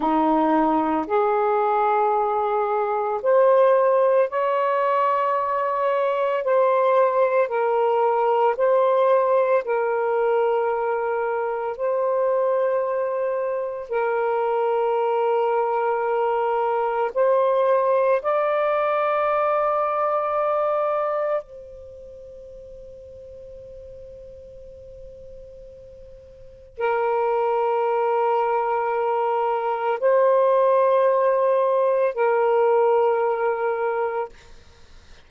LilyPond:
\new Staff \with { instrumentName = "saxophone" } { \time 4/4 \tempo 4 = 56 dis'4 gis'2 c''4 | cis''2 c''4 ais'4 | c''4 ais'2 c''4~ | c''4 ais'2. |
c''4 d''2. | c''1~ | c''4 ais'2. | c''2 ais'2 | }